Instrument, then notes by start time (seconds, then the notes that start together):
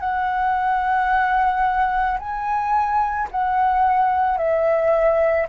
flute
0.00 F#5
2.20 G#5
3.31 F#5
4.38 E5